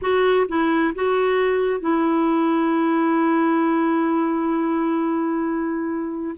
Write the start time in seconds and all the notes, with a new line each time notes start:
0.01 F#4
0.48 E4
0.94 F#4
1.80 E4